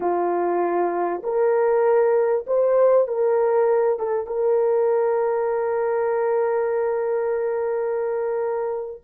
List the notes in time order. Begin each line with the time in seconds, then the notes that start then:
0.00 F4
1.23 A#4
2.46 C5
3.08 A#4
3.99 A4
4.26 A#4